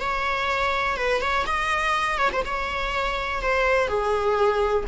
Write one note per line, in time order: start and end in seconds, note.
0.00 0.97 C#5
0.97 1.21 B4
1.21 1.45 C#5
1.46 2.18 D#5
2.18 2.30 C#5
2.32 2.44 C5
2.45 3.42 C#5
3.42 3.88 C5
3.88 4.84 G#4